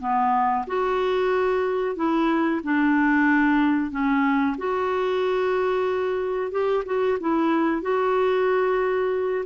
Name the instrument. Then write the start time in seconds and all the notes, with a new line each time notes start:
clarinet
0.00 B3
0.67 F#4
1.96 E4
2.64 D4
3.91 C#4
4.58 F#4
6.52 G4
6.86 F#4
7.21 E4
7.82 F#4